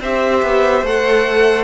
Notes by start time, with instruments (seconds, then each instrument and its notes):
0.00 cello C4, viola G4, violin C5 E5
0.43 cello B3
0.82 cello A3, viola A4, violin F#5